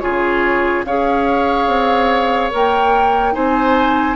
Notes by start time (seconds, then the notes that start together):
0.00 C#3 F4 G#4 C#5
0.85 C#4 G#4 C#5 F5
1.67 C4
2.51 A#3 A#4 G5
3.33 C4 D#4 C5 G#5